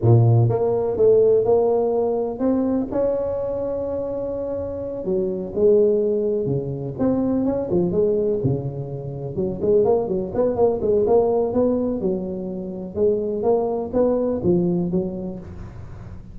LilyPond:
\new Staff \with { instrumentName = "tuba" } { \time 4/4 \tempo 4 = 125 ais,4 ais4 a4 ais4~ | ais4 c'4 cis'2~ | cis'2~ cis'8 fis4 gis8~ | gis4. cis4 c'4 cis'8 |
f8 gis4 cis2 fis8 | gis8 ais8 fis8 b8 ais8 gis8 ais4 | b4 fis2 gis4 | ais4 b4 f4 fis4 | }